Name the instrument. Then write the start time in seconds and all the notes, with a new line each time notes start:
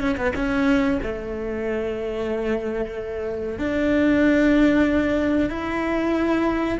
cello
0.00 C#4
0.17 B3
0.35 C#4
1.03 A3
3.58 D4
5.50 E4